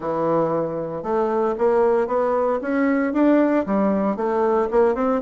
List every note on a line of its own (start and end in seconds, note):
0.00 1.02 E3
1.02 1.55 A3
1.58 2.07 A#3
2.07 2.59 B3
2.61 3.13 C#4
3.13 3.65 D4
3.66 4.16 G3
4.16 4.68 A3
4.71 4.94 A#3
4.94 5.21 C4